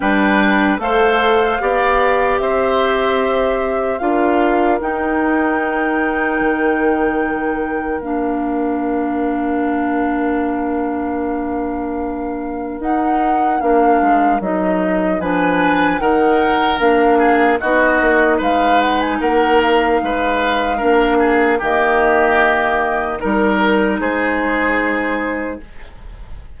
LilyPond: <<
  \new Staff \with { instrumentName = "flute" } { \time 4/4 \tempo 4 = 75 g''4 f''2 e''4~ | e''4 f''4 g''2~ | g''2 f''2~ | f''1 |
fis''4 f''4 dis''4 gis''4 | fis''4 f''4 dis''4 f''8 fis''16 gis''16 | fis''8 f''2~ f''8 dis''4~ | dis''4 ais'4 c''2 | }
  \new Staff \with { instrumentName = "oboe" } { \time 4/4 b'4 c''4 d''4 c''4~ | c''4 ais'2.~ | ais'1~ | ais'1~ |
ais'2. b'4 | ais'4. gis'8 fis'4 b'4 | ais'4 b'4 ais'8 gis'8 g'4~ | g'4 ais'4 gis'2 | }
  \new Staff \with { instrumentName = "clarinet" } { \time 4/4 d'4 a'4 g'2~ | g'4 f'4 dis'2~ | dis'2 d'2~ | d'1 |
dis'4 d'4 dis'4 d'4 | dis'4 d'4 dis'2~ | dis'2 d'4 ais4~ | ais4 dis'2. | }
  \new Staff \with { instrumentName = "bassoon" } { \time 4/4 g4 a4 b4 c'4~ | c'4 d'4 dis'2 | dis2 ais2~ | ais1 |
dis'4 ais8 gis8 fis4 f4 | dis4 ais4 b8 ais8 gis4 | ais4 gis4 ais4 dis4~ | dis4 g4 gis2 | }
>>